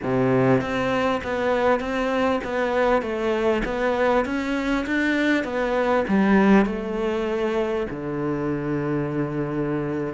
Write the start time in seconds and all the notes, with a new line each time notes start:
0.03 C3
0.60 C4
1.23 B3
1.79 C4
2.44 B3
3.01 A3
3.64 B3
4.25 C#4
4.86 D4
5.44 B3
6.08 G3
6.65 A3
7.90 D3